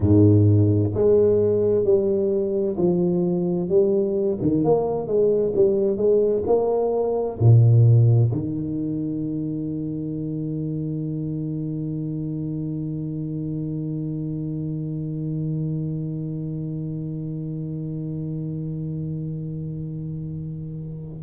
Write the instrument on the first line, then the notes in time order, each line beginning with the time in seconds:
tuba
0.00 G#2
0.94 G#3
1.84 G3
2.77 F3
3.68 G3
4.41 D#3
4.64 A#3
5.07 G#3
5.55 G3
5.96 G#3
6.46 A#3
7.39 A#2
8.32 D#3